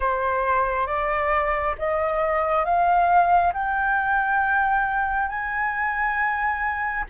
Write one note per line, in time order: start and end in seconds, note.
0.00 0.87 C5
0.87 1.75 D5
1.78 2.64 D#5
2.64 3.53 F5
3.53 5.28 G5
5.28 7.04 G#5